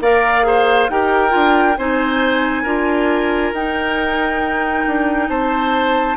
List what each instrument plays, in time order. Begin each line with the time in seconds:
0.00 bassoon A#3, clarinet A#4, oboe D5, flute F5
0.42 clarinet G#4, oboe C5
0.88 bassoon D#4, clarinet G4, oboe A#4, flute G5
1.29 bassoon D4, clarinet F4
1.77 bassoon C4, clarinet D#4, oboe C5, flute G#5
2.62 bassoon D4, clarinet F4, oboe A#4
3.52 bassoon D#4, clarinet D#4, flute G5
4.86 bassoon D4
5.28 bassoon C4, oboe C5, flute A5